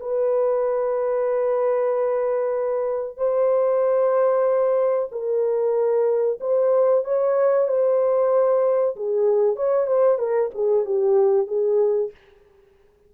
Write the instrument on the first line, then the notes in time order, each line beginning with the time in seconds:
horn
0.00 B4
3.17 C5
5.12 A#4
6.40 C5
7.04 C#5
7.68 C5
8.96 G#4
9.56 C#5
9.86 C5
10.18 A#4
10.54 G#4
10.85 G4
11.47 G#4